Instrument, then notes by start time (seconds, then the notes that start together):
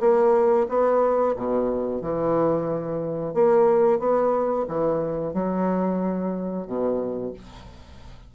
bassoon
0.00 A#3
0.69 B3
1.36 B2
2.02 E3
3.34 A#3
3.99 B3
4.68 E3
5.34 F#3
6.67 B2